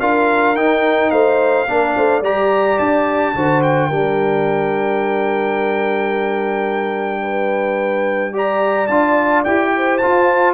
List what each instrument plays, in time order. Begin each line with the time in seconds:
0.00 tuba D4, trombone F4, horn A#4, trumpet F5
0.55 tuba D#4, trombone D#4, trumpet G5
1.10 tuba A3, horn C5, trumpet F5
1.67 tuba A#3, trombone D4, horn A#4
1.97 tuba A3, horn C5
2.20 tuba G3, trombone G4, horn D5, trumpet A#5
2.79 tuba D4, trumpet A5
3.35 tuba D3, trombone F#4, horn C5
3.63 trumpet G5
3.89 tuba G3, trombone D4, horn A#4
7.22 horn B4
8.33 trombone G4, horn D5, trumpet A#5
8.87 tuba D4, trombone F4, trumpet A5
9.44 tuba E4, trombone G4, trumpet G5
9.76 horn C5
9.98 trombone F4, tuba F4, trumpet A5